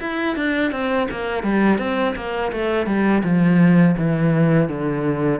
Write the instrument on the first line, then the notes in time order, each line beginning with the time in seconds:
cello
0.00 E4
0.35 D4
0.71 C4
1.10 A#3
1.43 G3
1.78 C4
2.15 A#3
2.52 A3
2.86 G3
3.23 F3
3.97 E3
4.69 D3